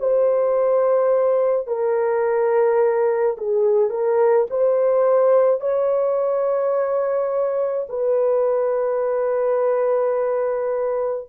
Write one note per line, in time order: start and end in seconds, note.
0.00 1.67 C5
1.67 3.37 A#4
3.37 3.90 G#4
3.90 4.47 A#4
4.50 5.60 C5
5.60 7.87 C#5
7.89 11.28 B4